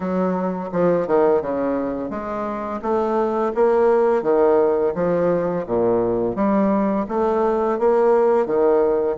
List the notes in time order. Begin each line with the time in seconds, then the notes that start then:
0.00 F#3
0.72 F3
1.07 D#3
1.41 C#3
2.10 G#3
2.81 A3
3.54 A#3
4.22 D#3
4.94 F3
5.66 A#2
6.35 G3
7.08 A3
7.78 A#3
8.45 D#3